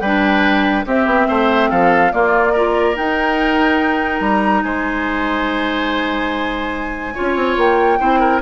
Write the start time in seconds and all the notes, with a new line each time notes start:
0.00 G3 D4 B4 G5
0.85 C4 G4 E5
1.06 B3
1.28 A3 C5
1.70 F3 A4 F5
2.12 A#3 F4 D5
2.52 F4 A#4
2.95 D#4 G5
4.20 G3 A#5
4.62 G#3 C5 G#5
7.14 C#4 F4 C#5
7.35 C4
7.57 A#3 G5
7.98 C4 E4 C5
8.19 A#4